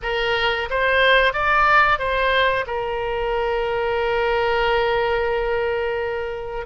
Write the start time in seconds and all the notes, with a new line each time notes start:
0.02 A#4
0.70 C5
1.33 D5
1.98 C5
2.66 A#4